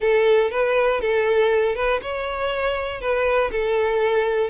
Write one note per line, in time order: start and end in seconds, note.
0.00 0.50 A4
0.50 1.00 B4
1.00 1.75 A4
1.75 2.00 B4
2.02 3.00 C#5
3.00 3.50 B4
3.51 4.50 A4